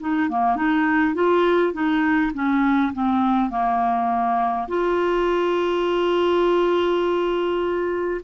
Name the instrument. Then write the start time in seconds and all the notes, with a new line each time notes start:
clarinet
0.00 D#4
0.29 A#3
0.56 D#4
1.14 F4
1.73 D#4
2.34 C#4
2.93 C4
3.50 A#3
4.68 F4